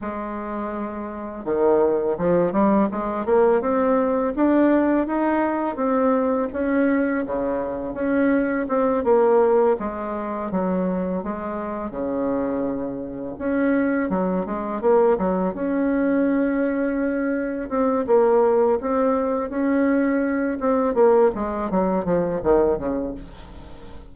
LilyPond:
\new Staff \with { instrumentName = "bassoon" } { \time 4/4 \tempo 4 = 83 gis2 dis4 f8 g8 | gis8 ais8 c'4 d'4 dis'4 | c'4 cis'4 cis4 cis'4 | c'8 ais4 gis4 fis4 gis8~ |
gis8 cis2 cis'4 fis8 | gis8 ais8 fis8 cis'2~ cis'8~ | cis'8 c'8 ais4 c'4 cis'4~ | cis'8 c'8 ais8 gis8 fis8 f8 dis8 cis8 | }